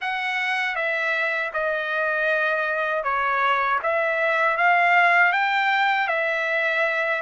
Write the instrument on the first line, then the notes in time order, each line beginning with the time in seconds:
trumpet
0.01 F#5
0.75 E5
1.53 D#5
3.03 C#5
3.83 E5
4.57 F5
5.32 G5
6.07 E5